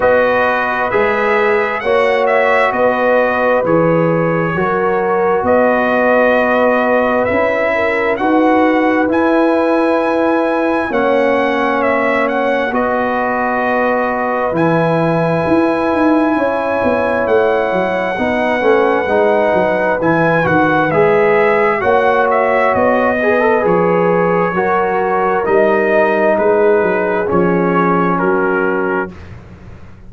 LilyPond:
<<
  \new Staff \with { instrumentName = "trumpet" } { \time 4/4 \tempo 4 = 66 dis''4 e''4 fis''8 e''8 dis''4 | cis''2 dis''2 | e''4 fis''4 gis''2 | fis''4 e''8 fis''8 dis''2 |
gis''2. fis''4~ | fis''2 gis''8 fis''8 e''4 | fis''8 e''8 dis''4 cis''2 | dis''4 b'4 cis''4 ais'4 | }
  \new Staff \with { instrumentName = "horn" } { \time 4/4 b'2 cis''4 b'4~ | b'4 ais'4 b'2~ | b'8 ais'8 b'2. | cis''2 b'2~ |
b'2 cis''2 | b'1 | cis''4. b'4. ais'4~ | ais'4 gis'2 fis'4 | }
  \new Staff \with { instrumentName = "trombone" } { \time 4/4 fis'4 gis'4 fis'2 | gis'4 fis'2. | e'4 fis'4 e'2 | cis'2 fis'2 |
e'1 | dis'8 cis'8 dis'4 e'8 fis'8 gis'4 | fis'4. gis'16 a'16 gis'4 fis'4 | dis'2 cis'2 | }
  \new Staff \with { instrumentName = "tuba" } { \time 4/4 b4 gis4 ais4 b4 | e4 fis4 b2 | cis'4 dis'4 e'2 | ais2 b2 |
e4 e'8 dis'8 cis'8 b8 a8 fis8 | b8 a8 gis8 fis8 e8 dis8 gis4 | ais4 b4 f4 fis4 | g4 gis8 fis8 f4 fis4 | }
>>